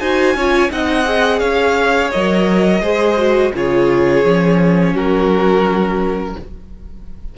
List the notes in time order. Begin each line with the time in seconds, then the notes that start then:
0.00 D#4 F#4 C5 G#5
0.35 C#4 F4 C#5
0.71 C4 D#4 D#5 F#5
1.05 G#4
1.40 C#4 C#5 F5
2.12 F#3 A#4 D#5
2.81 G#3 G#4 C5
3.17 F#4
3.55 C#3 F4 G#4 C#5
4.25 F3 C#4
4.94 F#3 F#4 A#4